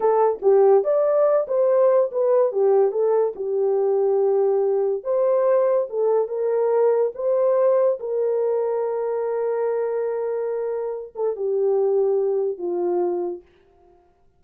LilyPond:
\new Staff \with { instrumentName = "horn" } { \time 4/4 \tempo 4 = 143 a'4 g'4 d''4. c''8~ | c''4 b'4 g'4 a'4 | g'1 | c''2 a'4 ais'4~ |
ais'4 c''2 ais'4~ | ais'1~ | ais'2~ ais'8 a'8 g'4~ | g'2 f'2 | }